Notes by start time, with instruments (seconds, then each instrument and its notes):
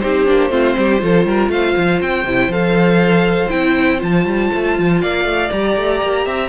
0.00 cello C4, viola D#4, violin G4 C5
0.27 cello A#3, viola D4
0.50 cello A3, viola C4, violin F4
0.78 cello G3, violin G4
0.99 cello F3, viola F4, violin A4
1.25 cello G3, violin A#4
1.49 cello A3, violin C5 F5
1.77 cello F3
2.01 cello C4, violin G5
2.25 cello C3, viola E4
2.48 cello F3, viola A4, violin F5
3.49 cello C4, viola E4, violin G5
3.98 cello F3, viola F4, violin A5
4.25 cello G3
4.54 cello A3
4.79 cello F3
5.02 cello A#3, violin D5 F5
5.25 cello A3
5.51 cello G3, viola G4, violin A#5
5.77 cello A3
6.02 cello A#3
6.25 cello C4, violin E5